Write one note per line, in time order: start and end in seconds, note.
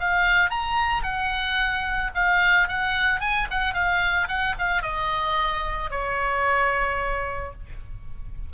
0.00 0.50 F5
0.50 1.03 A#5
1.03 2.11 F#5
2.15 2.69 F5
2.69 3.21 F#5
3.21 3.48 G#5
3.51 3.74 F#5
3.74 4.28 F5
4.28 4.55 F#5
4.59 4.83 F5
4.83 5.91 D#5
5.91 7.53 C#5